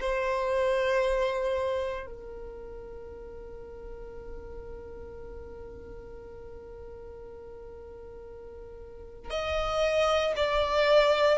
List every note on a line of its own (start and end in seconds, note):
0.00 2.06 C5
2.06 9.30 A#4
9.30 10.33 D#5
10.36 11.38 D5